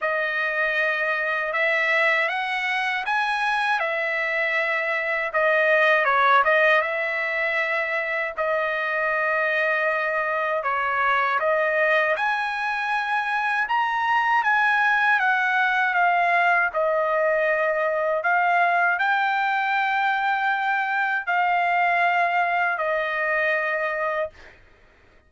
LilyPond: \new Staff \with { instrumentName = "trumpet" } { \time 4/4 \tempo 4 = 79 dis''2 e''4 fis''4 | gis''4 e''2 dis''4 | cis''8 dis''8 e''2 dis''4~ | dis''2 cis''4 dis''4 |
gis''2 ais''4 gis''4 | fis''4 f''4 dis''2 | f''4 g''2. | f''2 dis''2 | }